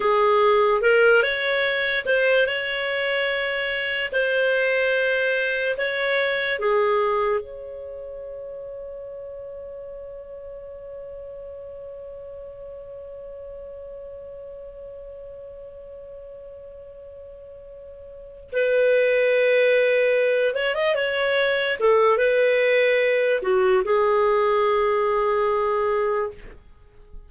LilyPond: \new Staff \with { instrumentName = "clarinet" } { \time 4/4 \tempo 4 = 73 gis'4 ais'8 cis''4 c''8 cis''4~ | cis''4 c''2 cis''4 | gis'4 cis''2.~ | cis''1~ |
cis''1~ | cis''2~ cis''8 b'4.~ | b'4 cis''16 dis''16 cis''4 a'8 b'4~ | b'8 fis'8 gis'2. | }